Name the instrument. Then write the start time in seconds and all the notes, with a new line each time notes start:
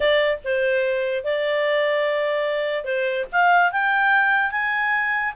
clarinet
0.00 D5
0.44 C5
1.23 D5
2.84 C5
3.31 F5
3.72 G5
4.51 G#5